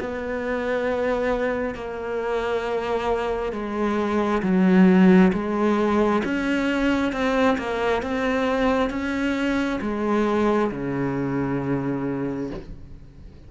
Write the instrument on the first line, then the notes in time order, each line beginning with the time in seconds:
cello
0.00 B3
1.75 A#3
3.52 G#3
4.42 F#3
5.33 G#3
6.24 C#4
7.12 C4
7.58 A#3
8.02 C4
8.90 C#4
9.81 G#3
10.71 C#3